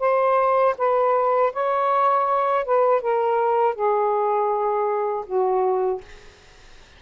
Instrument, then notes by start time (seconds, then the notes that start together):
saxophone
0.00 C5
0.78 B4
1.53 C#5
2.65 B4
3.01 A#4
3.75 G#4
5.26 F#4